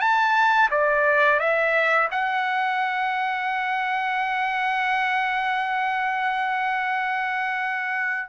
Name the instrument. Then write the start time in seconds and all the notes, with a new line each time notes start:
trumpet
0.00 A5
0.71 D5
1.39 E5
2.11 F#5